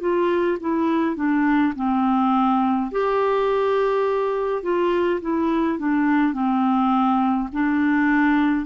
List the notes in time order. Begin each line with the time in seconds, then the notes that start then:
0.00 F4
0.60 E4
1.15 D4
1.75 C4
2.91 G4
4.63 F4
5.21 E4
5.78 D4
6.33 C4
7.52 D4